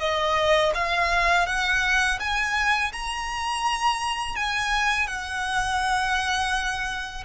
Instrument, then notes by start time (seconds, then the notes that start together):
violin
0.00 D#5
0.75 F5
1.47 F#5
2.19 G#5
2.92 A#5
4.35 G#5
5.07 F#5